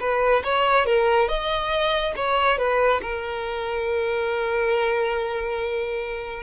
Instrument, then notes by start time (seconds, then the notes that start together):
violin
0.00 B4
0.44 C#5
0.86 A#4
1.28 D#5
2.16 C#5
2.58 B4
3.02 A#4